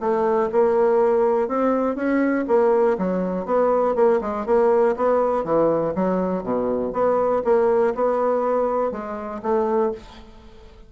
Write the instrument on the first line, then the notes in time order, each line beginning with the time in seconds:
bassoon
0.00 A3
0.52 A#3
1.48 C4
1.95 C#4
2.47 A#3
2.98 F#3
3.46 B3
3.95 A#3
4.21 G#3
4.46 A#3
4.96 B3
5.44 E3
5.95 F#3
6.43 B2
6.93 B3
7.44 A#3
7.95 B3
8.91 G#3
9.42 A3